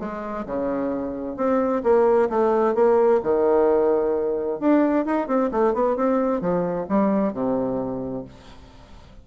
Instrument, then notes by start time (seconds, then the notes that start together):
bassoon
0.00 G#3
0.46 C#3
1.37 C4
1.84 A#3
2.30 A3
2.75 A#3
3.23 D#3
4.60 D4
5.06 D#4
5.28 C4
5.52 A3
5.74 B3
5.96 C4
6.41 F3
6.89 G3
7.33 C3